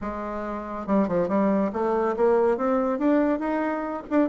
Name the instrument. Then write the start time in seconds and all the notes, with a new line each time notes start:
bassoon
0.01 G#3
0.86 G3
1.08 F3
1.28 G3
1.72 A3
2.16 A#3
2.57 C4
2.98 D4
3.39 D#4
4.09 D4